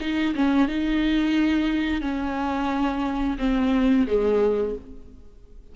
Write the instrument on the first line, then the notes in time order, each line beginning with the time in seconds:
viola
0.00 D#4
0.35 C#4
0.68 D#4
2.01 C#4
3.38 C4
4.07 G#3